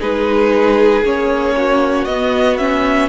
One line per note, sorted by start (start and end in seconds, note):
0.00 1.03 G#3
0.00 1.04 D#4
0.00 1.55 G#4
0.00 1.05 B4
1.03 2.06 A#3
1.03 2.08 C#4
1.03 2.05 C#5
1.57 3.09 F#4
2.05 3.09 B3
2.05 2.59 B3
2.05 2.57 D#5
2.57 3.09 C#4
2.57 3.09 E5